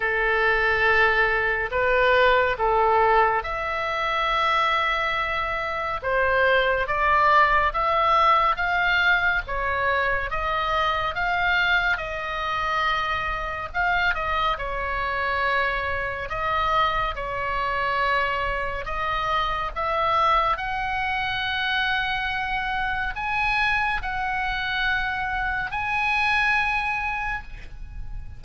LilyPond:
\new Staff \with { instrumentName = "oboe" } { \time 4/4 \tempo 4 = 70 a'2 b'4 a'4 | e''2. c''4 | d''4 e''4 f''4 cis''4 | dis''4 f''4 dis''2 |
f''8 dis''8 cis''2 dis''4 | cis''2 dis''4 e''4 | fis''2. gis''4 | fis''2 gis''2 | }